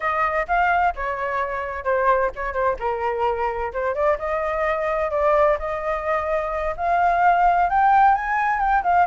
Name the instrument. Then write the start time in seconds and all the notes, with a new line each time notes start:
flute
0.00 D#5
0.47 F5
0.95 C#5
1.84 C5
2.35 C#5
2.53 C5
2.79 A#4
3.73 C5
3.94 D5
4.18 D#5
5.11 D5
5.58 D#5
6.76 F5
7.69 G5
8.14 G#5
8.59 G5
8.83 F5